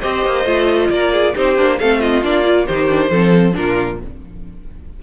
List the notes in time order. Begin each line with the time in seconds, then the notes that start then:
0.00 C4 G4 C5 D#5
0.26 A#3
0.45 A3 F4
0.90 A#3 A#4 D5
1.13 G#4
1.35 C4 D#4 G4 C5
1.56 A#3 D4
1.79 A3 C4 A4 F5
2.00 F4 D#5
2.22 A#3 D4 D5
2.45 F4
2.66 D#3 D#4 G4 C5
2.88 D4
3.10 F3 C4 A4
3.52 A#2 D4 F4 A#4